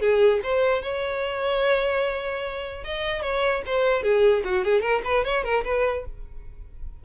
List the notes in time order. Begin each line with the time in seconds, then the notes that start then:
0.00 G#4
0.43 C5
0.82 C#5
2.84 D#5
3.22 C#5
3.66 C5
4.02 G#4
4.44 F#4
4.64 G#4
4.81 A#4
5.04 B4
5.24 C#5
5.44 A#4
5.64 B4